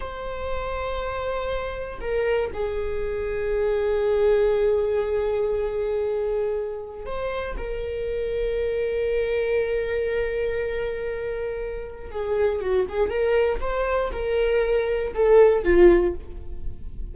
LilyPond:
\new Staff \with { instrumentName = "viola" } { \time 4/4 \tempo 4 = 119 c''1 | ais'4 gis'2.~ | gis'1~ | gis'2 c''4 ais'4~ |
ais'1~ | ais'1 | gis'4 fis'8 gis'8 ais'4 c''4 | ais'2 a'4 f'4 | }